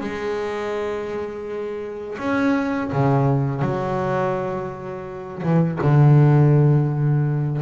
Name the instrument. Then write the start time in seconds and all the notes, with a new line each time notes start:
double bass
0.00 G#3
2.18 C#4
2.92 C#3
3.61 F#3
5.42 E3
5.81 D3